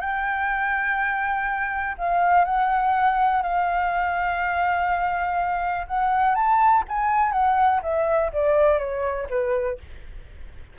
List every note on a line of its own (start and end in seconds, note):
0.00 1.95 G5
1.98 2.45 F5
2.45 3.42 F#5
3.42 5.86 F5
5.87 6.34 F#5
6.34 6.83 A5
6.88 7.32 G#5
7.32 7.80 F#5
7.82 8.31 E5
8.32 8.78 D5
8.78 9.27 C#5
9.29 9.78 B4